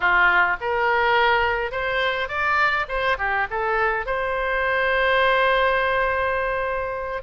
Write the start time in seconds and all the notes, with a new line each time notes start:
0.00 F4
0.60 A#4
1.71 C5
2.28 D5
2.88 C5
3.18 G4
3.50 A4
4.06 C5